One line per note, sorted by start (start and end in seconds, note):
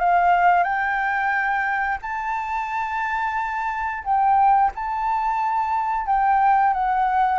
0.00 0.63 F5
0.63 1.98 G5
2.02 4.04 A5
4.04 4.72 G5
4.75 6.06 A5
6.06 6.74 G5
6.74 7.39 F#5